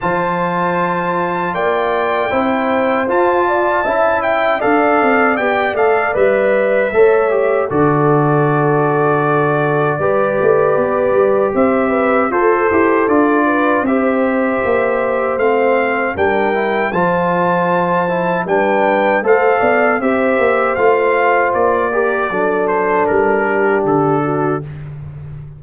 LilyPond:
<<
  \new Staff \with { instrumentName = "trumpet" } { \time 4/4 \tempo 4 = 78 a''2 g''2 | a''4. g''8 f''4 g''8 f''8 | e''2 d''2~ | d''2. e''4 |
c''4 d''4 e''2 | f''4 g''4 a''2 | g''4 f''4 e''4 f''4 | d''4. c''8 ais'4 a'4 | }
  \new Staff \with { instrumentName = "horn" } { \time 4/4 c''2 d''4 c''4~ | c''8 d''8 e''4 d''2~ | d''4 cis''4 a'2~ | a'4 b'2 c''8 b'8 |
a'4. b'8 c''2~ | c''4 ais'4 c''2 | b'4 c''8 d''8 c''2~ | c''8 ais'8 a'4. g'4 fis'8 | }
  \new Staff \with { instrumentName = "trombone" } { \time 4/4 f'2. e'4 | f'4 e'4 a'4 g'8 a'8 | b'4 a'8 g'8 fis'2~ | fis'4 g'2. |
a'8 g'8 f'4 g'2 | c'4 d'8 e'8 f'4. e'8 | d'4 a'4 g'4 f'4~ | f'8 g'8 d'2. | }
  \new Staff \with { instrumentName = "tuba" } { \time 4/4 f2 ais4 c'4 | f'4 cis'4 d'8 c'8 b8 a8 | g4 a4 d2~ | d4 g8 a8 b8 g8 c'4 |
f'8 e'8 d'4 c'4 ais4 | a4 g4 f2 | g4 a8 b8 c'8 ais8 a4 | ais4 fis4 g4 d4 | }
>>